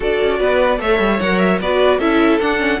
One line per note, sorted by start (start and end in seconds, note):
0.00 0.18 D4
0.00 0.77 F#4
0.00 0.39 A4
0.00 0.81 D5
0.22 0.40 C#4
0.39 0.80 B3
0.39 0.79 B4
0.77 0.99 A3
0.77 1.17 A4
0.77 1.60 C#5
0.77 1.20 E5
0.99 1.19 G3
1.20 1.60 F#3
1.20 1.62 A#4
1.20 1.38 F#5
1.38 1.58 E5
1.60 1.99 B3
1.60 2.00 F#4
1.60 1.99 B4
1.60 1.99 D5
1.99 2.39 C#4
1.99 2.40 E4
1.99 2.79 A4
1.99 2.39 E5
2.40 2.80 D4
2.40 2.58 D4
2.40 2.80 F#5
2.58 2.78 C#4